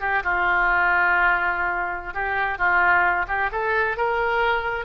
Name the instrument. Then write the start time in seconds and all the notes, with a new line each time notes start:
oboe
0.00 G4
0.23 F4
2.14 G4
2.58 F4
3.28 G4
3.52 A4
3.97 A#4